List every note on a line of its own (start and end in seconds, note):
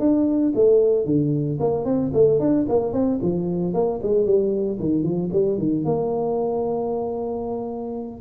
0.00 0.53 D4
0.56 1.06 A3
1.06 1.59 D3
1.61 1.85 A#3
1.85 2.12 C4
2.14 2.40 A3
2.40 2.67 D4
2.70 2.93 A#3
2.93 3.20 C4
3.22 3.74 F3
3.74 4.01 A#3
4.03 4.26 G#3
4.26 4.79 G3
4.80 5.04 D#3
5.04 5.30 F3
5.33 5.59 G3
5.59 5.85 D#3
5.86 8.21 A#3